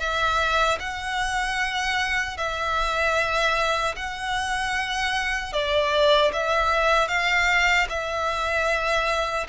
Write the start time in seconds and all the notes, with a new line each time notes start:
0.00 E5
0.80 F#5
2.38 E5
3.96 F#5
5.53 D5
6.33 E5
7.08 F5
7.89 E5